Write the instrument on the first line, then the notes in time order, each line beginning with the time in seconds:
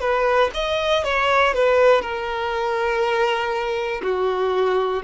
violin
0.00 B4
0.54 D#5
1.04 C#5
1.53 B4
2.01 A#4
4.03 F#4